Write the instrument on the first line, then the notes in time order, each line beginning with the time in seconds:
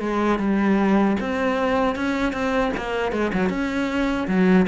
cello
0.00 G#3
0.39 G3
1.20 C4
1.96 C#4
2.33 C4
2.77 A#3
3.12 G#3
3.33 F#3
3.49 C#4
4.28 F#3